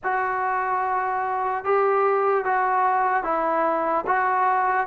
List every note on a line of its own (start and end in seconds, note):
0.03 1.64 F#4
1.64 2.44 G4
2.44 3.23 F#4
3.23 4.04 E4
4.07 4.87 F#4